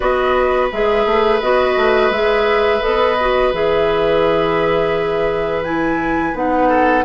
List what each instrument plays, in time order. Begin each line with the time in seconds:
0.00 bassoon B3, clarinet F#4, oboe B4, flute D#5
0.71 bassoon G#3, clarinet G#4, flute E5
1.05 bassoon A3
1.41 bassoon B3, clarinet F#4, flute D#5
1.76 bassoon A3
2.10 bassoon G#3, clarinet G#4, flute E5
2.81 bassoon B3, clarinet A4, flute D#5
3.20 clarinet F#4
3.53 bassoon E3, clarinet G#4, flute E5
5.64 clarinet E4, flute G#5
6.34 bassoon B3, clarinet D#4, flute F#5
6.68 oboe A4